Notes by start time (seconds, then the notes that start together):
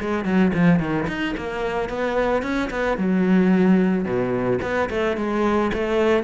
0.00 G#3
0.24 F#3
0.53 F3
0.79 D#3
1.07 D#4
1.37 A#3
1.89 B3
2.42 C#4
2.70 B3
2.97 F#3
4.04 B2
4.62 B3
4.89 A3
5.16 G#3
5.73 A3